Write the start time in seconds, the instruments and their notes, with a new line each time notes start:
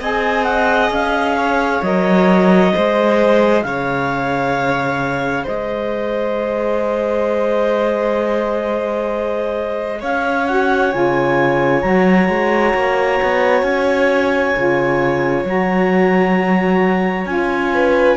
0.00 cello C4, saxophone G#4, violin D#5, clarinet G#5
0.44 clarinet F#5
0.90 cello C#4, clarinet F5
1.37 violin C#5
1.82 cello F#3, saxophone A#4, clarinet D#5
2.73 cello G#3, saxophone G#4, violin C5
3.63 cello C#3, violin C#5, clarinet F5
5.44 cello G#3, violin C5, clarinet D#5
10.00 cello C#4, violin C#5, clarinet F5
10.47 saxophone F#4, clarinet F#5
10.92 cello C#3, saxophone F4, clarinet G#5
11.82 cello F#3, saxophone F#4, clarinet A#5
12.29 cello G#3
12.74 cello A#3
13.23 cello B3
13.62 cello C#4, clarinet G#5
14.56 cello C#3, saxophone F4
15.44 cello F#3, saxophone F#4, clarinet A#5
17.26 cello C#4, saxophone F4, clarinet G#5
17.74 violin B4